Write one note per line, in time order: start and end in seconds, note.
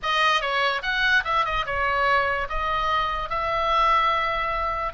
0.02 0.41 D#5
0.41 0.82 C#5
0.82 1.23 F#5
1.24 1.45 E5
1.45 1.65 D#5
1.66 2.48 C#5
2.49 3.29 D#5
3.29 4.93 E5